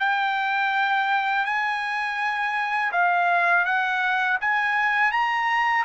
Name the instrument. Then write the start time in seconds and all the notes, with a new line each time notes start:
trumpet
0.00 G5
1.46 G#5
2.92 F5
3.66 F#5
4.41 G#5
5.12 A#5